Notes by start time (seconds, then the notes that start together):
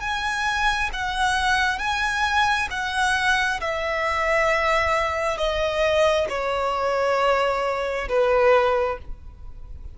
0.00 G#5
0.93 F#5
1.79 G#5
2.71 F#5
3.61 E5
5.38 D#5
6.29 C#5
8.09 B4